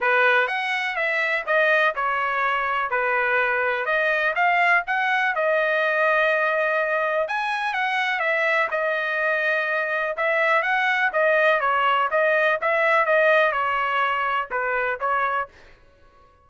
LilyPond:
\new Staff \with { instrumentName = "trumpet" } { \time 4/4 \tempo 4 = 124 b'4 fis''4 e''4 dis''4 | cis''2 b'2 | dis''4 f''4 fis''4 dis''4~ | dis''2. gis''4 |
fis''4 e''4 dis''2~ | dis''4 e''4 fis''4 dis''4 | cis''4 dis''4 e''4 dis''4 | cis''2 b'4 cis''4 | }